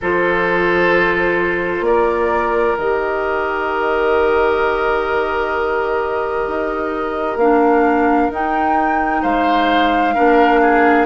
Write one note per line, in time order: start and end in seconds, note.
0.01 1.80 F3
0.01 2.78 F4
0.01 1.85 A4
0.01 1.84 C5
1.80 2.72 A#3
1.80 9.22 A#4
1.80 2.76 D5
2.78 6.47 D#3
2.78 7.39 G4
2.78 7.38 D#5
6.47 7.36 D#4
7.36 8.28 A#3
7.36 8.31 D4
7.36 8.30 F5
8.29 9.22 D#4
8.29 10.15 D#4
8.29 9.23 G5
9.22 10.16 G#3
9.22 10.14 C5
9.22 11.05 F5
10.14 11.05 A#3
10.14 11.05 D4
10.14 10.60 A#4
10.61 11.05 G#4